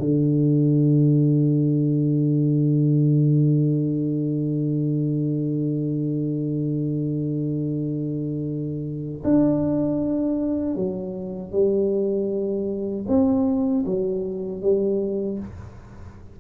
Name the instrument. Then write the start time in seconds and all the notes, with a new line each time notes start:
tuba
0.00 D3
9.25 D4
10.76 F#3
11.52 G3
13.08 C4
13.86 F#3
14.63 G3